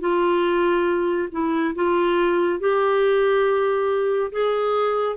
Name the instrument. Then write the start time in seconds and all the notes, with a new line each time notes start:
clarinet
0.00 F4
1.32 E4
1.75 F4
2.59 G4
4.32 G#4